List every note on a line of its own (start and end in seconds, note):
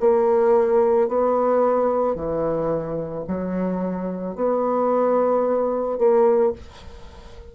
0.00 1.08 A#3
1.08 2.15 B3
2.15 3.24 E3
3.27 4.35 F#3
4.35 5.98 B3
5.98 6.52 A#3